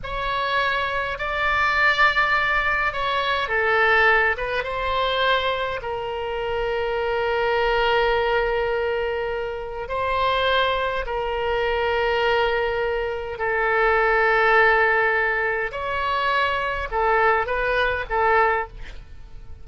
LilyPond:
\new Staff \with { instrumentName = "oboe" } { \time 4/4 \tempo 4 = 103 cis''2 d''2~ | d''4 cis''4 a'4. b'8 | c''2 ais'2~ | ais'1~ |
ais'4 c''2 ais'4~ | ais'2. a'4~ | a'2. cis''4~ | cis''4 a'4 b'4 a'4 | }